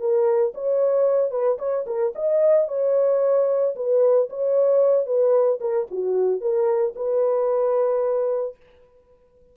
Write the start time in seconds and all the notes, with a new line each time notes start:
0.00 A#4
0.55 C#5
1.31 B4
1.59 C#5
1.87 A#4
2.16 D#5
2.69 C#5
3.76 B4
4.30 C#5
5.06 B4
5.61 A#4
5.91 F#4
6.41 A#4
6.96 B4